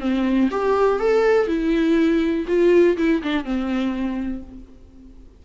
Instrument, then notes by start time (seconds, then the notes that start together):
viola
0.00 C4
0.51 G4
0.99 A4
1.47 E4
2.47 F4
2.97 E4
3.22 D4
3.44 C4